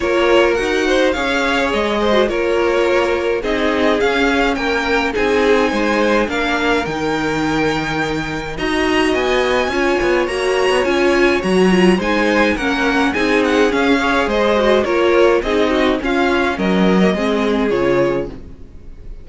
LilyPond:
<<
  \new Staff \with { instrumentName = "violin" } { \time 4/4 \tempo 4 = 105 cis''4 fis''4 f''4 dis''4 | cis''2 dis''4 f''4 | g''4 gis''2 f''4 | g''2. ais''4 |
gis''2 ais''4 gis''4 | ais''4 gis''4 fis''4 gis''8 fis''8 | f''4 dis''4 cis''4 dis''4 | f''4 dis''2 cis''4 | }
  \new Staff \with { instrumentName = "violin" } { \time 4/4 ais'4. c''8 cis''4. c''8 | ais'2 gis'2 | ais'4 gis'4 c''4 ais'4~ | ais'2. dis''4~ |
dis''4 cis''2.~ | cis''4 c''4 ais'4 gis'4~ | gis'8 cis''8 c''4 ais'4 gis'8 fis'8 | f'4 ais'4 gis'2 | }
  \new Staff \with { instrumentName = "viola" } { \time 4/4 f'4 fis'4 gis'4.~ gis'16 fis'16 | f'2 dis'4 cis'4~ | cis'4 dis'2 d'4 | dis'2. fis'4~ |
fis'4 f'4 fis'4 f'4 | fis'8 f'8 dis'4 cis'4 dis'4 | cis'8 gis'4 fis'8 f'4 dis'4 | cis'4.~ cis'16 ais16 c'4 f'4 | }
  \new Staff \with { instrumentName = "cello" } { \time 4/4 ais4 dis'4 cis'4 gis4 | ais2 c'4 cis'4 | ais4 c'4 gis4 ais4 | dis2. dis'4 |
b4 cis'8 b8 ais8. b16 cis'4 | fis4 gis4 ais4 c'4 | cis'4 gis4 ais4 c'4 | cis'4 fis4 gis4 cis4 | }
>>